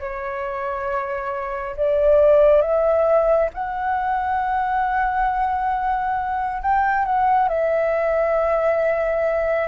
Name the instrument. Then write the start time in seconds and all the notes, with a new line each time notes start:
flute
0.00 C#5
1.77 D5
2.62 E5
3.54 F#5
6.63 G5
7.06 F#5
7.49 E5